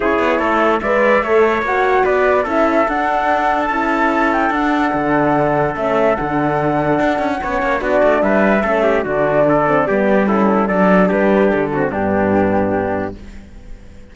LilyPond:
<<
  \new Staff \with { instrumentName = "flute" } { \time 4/4 \tempo 4 = 146 cis''2 e''2 | fis''4 d''4 e''4 fis''4~ | fis''8. a''4.~ a''16 g''8 fis''4~ | fis''2 e''4 fis''4~ |
fis''2. d''4 | e''2 d''2~ | d''4 a'4 d''4 b'4 | a'4 g'2. | }
  \new Staff \with { instrumentName = "trumpet" } { \time 4/4 gis'4 a'4 d''4 cis''4~ | cis''4 b'4 a'2~ | a'1~ | a'1~ |
a'2 cis''4 fis'4 | b'4 a'8 g'8 fis'4 a'4 | g'4 e'4 a'4 g'4~ | g'8 fis'8 d'2. | }
  \new Staff \with { instrumentName = "horn" } { \time 4/4 e'2 b'4 a'4 | fis'2 e'4 d'4~ | d'4 e'2 d'4~ | d'2 cis'4 d'4~ |
d'2 cis'4 d'4~ | d'4 cis'4 d'4. c'8 | b4 cis'4 d'2~ | d'8 c'8 b2. | }
  \new Staff \with { instrumentName = "cello" } { \time 4/4 cis'8 b8 a4 gis4 a4 | ais4 b4 cis'4 d'4~ | d'4 cis'2 d'4 | d2 a4 d4~ |
d4 d'8 cis'8 b8 ais8 b8 a8 | g4 a4 d2 | g2 fis4 g4 | d4 g,2. | }
>>